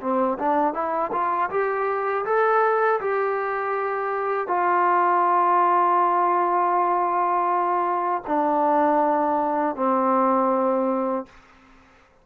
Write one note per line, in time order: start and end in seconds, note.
0.00 0.38 C4
0.38 0.73 D4
0.73 1.11 E4
1.12 1.49 F4
1.50 2.25 G4
2.25 3.00 A4
3.00 4.47 G4
4.47 8.22 F4
8.26 9.75 D4
9.75 11.25 C4